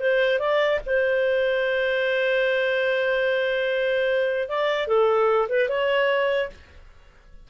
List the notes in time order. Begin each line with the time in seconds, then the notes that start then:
0.00 C5
0.39 D5
0.86 C5
4.49 D5
4.87 A4
5.49 B4
5.69 C#5